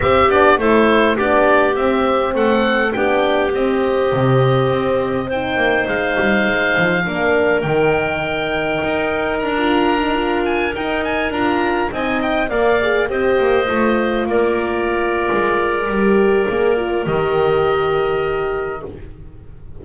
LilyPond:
<<
  \new Staff \with { instrumentName = "oboe" } { \time 4/4 \tempo 4 = 102 e''8 d''8 c''4 d''4 e''4 | fis''4 g''4 dis''2~ | dis''4 g''4 f''2~ | f''4 g''2. |
ais''4.~ ais''16 gis''8 g''8 gis''8 ais''8.~ | ais''16 gis''8 g''8 f''4 dis''4.~ dis''16~ | dis''16 d''2.~ d''8.~ | d''4 dis''2. | }
  \new Staff \with { instrumentName = "clarinet" } { \time 4/4 g'4 a'4 g'2 | a'4 g'2.~ | g'4 c''2. | ais'1~ |
ais'1~ | ais'16 dis''4 d''4 c''4.~ c''16~ | c''16 ais'2.~ ais'8.~ | ais'1 | }
  \new Staff \with { instrumentName = "horn" } { \time 4/4 c'8 d'8 e'4 d'4 c'4~ | c'4 d'4 c'2~ | c'4 dis'2. | d'4 dis'2.~ |
dis'16 f'8. dis'16 f'4 dis'4 f'8.~ | f'16 dis'4 ais'8 gis'8 g'4 f'8.~ | f'2. g'4 | gis'8 f'8 g'2. | }
  \new Staff \with { instrumentName = "double bass" } { \time 4/4 c'8 b8 a4 b4 c'4 | a4 b4 c'4 c4 | c'4. ais8 gis8 g8 gis8 f8 | ais4 dis2 dis'4 |
d'2~ d'16 dis'4 d'8.~ | d'16 c'4 ais4 c'8 ais8 a8.~ | a16 ais4.~ ais16 gis4 g4 | ais4 dis2. | }
>>